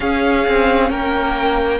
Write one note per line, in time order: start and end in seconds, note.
0.00 1.80 C#4
0.00 0.47 C#4
0.00 0.90 G#4
0.00 0.90 F5
0.47 0.90 C4
0.90 1.80 A#3
0.90 1.80 A#4
0.90 1.80 G5